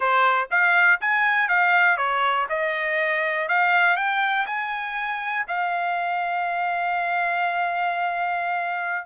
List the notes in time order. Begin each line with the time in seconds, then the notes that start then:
0.00 C5
0.50 F5
1.00 G#5
1.48 F5
1.97 C#5
2.49 D#5
3.48 F5
3.96 G5
4.46 G#5
5.47 F5